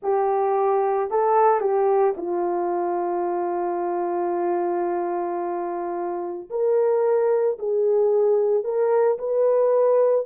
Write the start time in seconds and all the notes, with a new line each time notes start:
0.02 G4
1.10 A4
1.60 G4
2.17 F4
6.50 A#4
7.58 G#4
8.63 A#4
9.18 B4